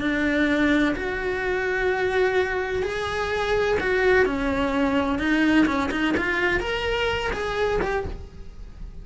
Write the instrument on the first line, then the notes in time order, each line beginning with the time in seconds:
cello
0.00 D4
0.95 F#4
2.83 G#4
3.80 F#4
4.25 C#4
5.19 D#4
5.66 C#4
5.91 D#4
6.17 F4
6.60 A#4
7.33 G#4
7.81 G4